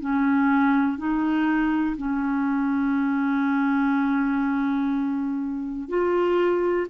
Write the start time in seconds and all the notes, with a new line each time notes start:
0.00 C#4
0.97 D#4
1.96 C#4
5.88 F4